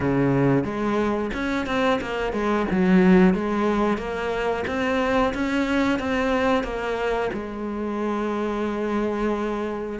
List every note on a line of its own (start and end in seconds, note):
0.00 0.64 C#3
0.64 1.30 G#3
1.33 1.66 C#4
1.66 1.99 C4
2.01 2.32 A#3
2.32 2.66 G#3
2.71 3.34 F#3
3.34 3.97 G#3
3.97 4.64 A#3
4.67 5.33 C4
5.33 5.99 C#4
5.99 6.63 C4
6.63 7.30 A#3
7.33 9.99 G#3